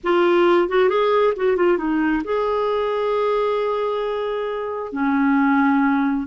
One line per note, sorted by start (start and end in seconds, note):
0.03 0.68 F4
0.68 0.89 F#4
0.89 1.33 G#4
1.36 1.56 F#4
1.56 1.77 F4
1.77 2.22 D#4
2.24 4.92 G#4
4.92 6.26 C#4